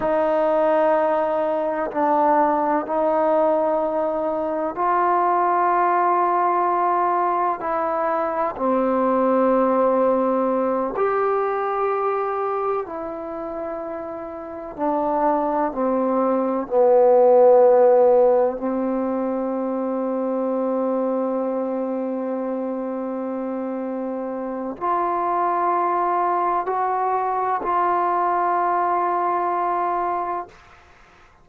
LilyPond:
\new Staff \with { instrumentName = "trombone" } { \time 4/4 \tempo 4 = 63 dis'2 d'4 dis'4~ | dis'4 f'2. | e'4 c'2~ c'8 g'8~ | g'4. e'2 d'8~ |
d'8 c'4 b2 c'8~ | c'1~ | c'2 f'2 | fis'4 f'2. | }